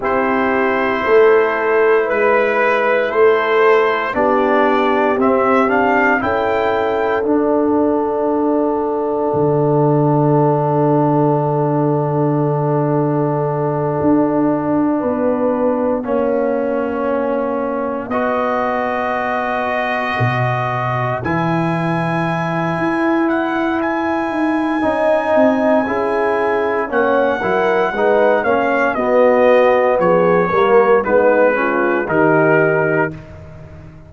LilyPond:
<<
  \new Staff \with { instrumentName = "trumpet" } { \time 4/4 \tempo 4 = 58 c''2 b'4 c''4 | d''4 e''8 f''8 g''4 fis''4~ | fis''1~ | fis''1~ |
fis''4. dis''2~ dis''8~ | dis''8 gis''2 fis''8 gis''4~ | gis''2 fis''4. f''8 | dis''4 cis''4 b'4 ais'4 | }
  \new Staff \with { instrumentName = "horn" } { \time 4/4 g'4 a'4 b'4 a'4 | g'2 a'2~ | a'1~ | a'2~ a'8 b'4 cis''8~ |
cis''4. b'2~ b'8~ | b'1 | dis''4 gis'4 cis''8 ais'8 b'8 cis''8 | fis'4 gis'8 ais'8 dis'8 f'8 g'4 | }
  \new Staff \with { instrumentName = "trombone" } { \time 4/4 e'1 | d'4 c'8 d'8 e'4 d'4~ | d'1~ | d'2.~ d'8 cis'8~ |
cis'4. fis'2~ fis'8~ | fis'8 e'2.~ e'8 | dis'4 e'4 cis'8 e'8 dis'8 cis'8 | b4. ais8 b8 cis'8 dis'4 | }
  \new Staff \with { instrumentName = "tuba" } { \time 4/4 c'4 a4 gis4 a4 | b4 c'4 cis'4 d'4~ | d'4 d2.~ | d4. d'4 b4 ais8~ |
ais4. b2 b,8~ | b,8 e4. e'4. dis'8 | cis'8 c'8 cis'4 ais8 fis8 gis8 ais8 | b4 f8 g8 gis4 dis4 | }
>>